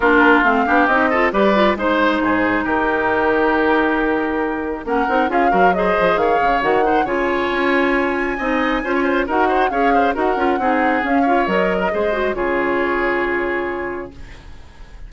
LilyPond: <<
  \new Staff \with { instrumentName = "flute" } { \time 4/4 \tempo 4 = 136 ais'4 f''4 dis''4 d''4 | c''2 ais'2~ | ais'2. fis''4 | f''4 dis''4 f''4 fis''4 |
gis''1~ | gis''4 fis''4 f''4 fis''4~ | fis''4 f''4 dis''2 | cis''1 | }
  \new Staff \with { instrumentName = "oboe" } { \time 4/4 f'4. g'4 a'8 b'4 | c''4 gis'4 g'2~ | g'2. ais'4 | gis'8 ais'8 c''4 cis''4. c''8 |
cis''2. dis''4 | c''16 cis''16 c''8 ais'8 c''8 cis''8 c''8 ais'4 | gis'4. cis''4~ cis''16 ais'16 c''4 | gis'1 | }
  \new Staff \with { instrumentName = "clarinet" } { \time 4/4 d'4 c'8 d'8 dis'8 f'8 g'8 f'8 | dis'1~ | dis'2. cis'8 dis'8 | f'8 fis'8 gis'2 fis'8 dis'8 |
f'2. dis'4 | f'4 fis'4 gis'4 fis'8 f'8 | dis'4 cis'8 f'8 ais'4 gis'8 fis'8 | f'1 | }
  \new Staff \with { instrumentName = "bassoon" } { \time 4/4 ais4 a8 b8 c'4 g4 | gis4 gis,4 dis2~ | dis2. ais8 c'8 | cis'8 fis4 f8 dis8 cis8 dis4 |
cis4 cis'2 c'4 | cis'4 dis'4 cis'4 dis'8 cis'8 | c'4 cis'4 fis4 gis4 | cis1 | }
>>